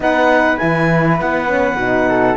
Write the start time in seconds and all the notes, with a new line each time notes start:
0.00 B3 D#4 B4 F#5
0.57 E3 E4 G#5
1.20 B3 F#5
1.47 C#4
1.75 B2 D#4
2.09 A4